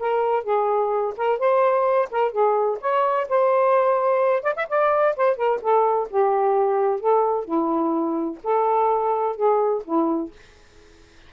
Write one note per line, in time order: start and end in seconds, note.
0.00 0.44 A#4
0.44 1.14 G#4
1.17 1.39 A#4
1.39 2.09 C5
2.12 2.32 A#4
2.32 2.79 G#4
2.81 3.28 C#5
3.29 4.43 C5
4.43 4.55 D5
4.56 4.68 E5
4.69 5.16 D5
5.17 5.37 C5
5.37 5.60 A#4
5.62 6.09 A4
6.11 7.01 G4
7.01 7.45 A4
7.45 8.39 E4
8.44 9.36 A4
9.36 9.83 G#4
9.85 10.31 E4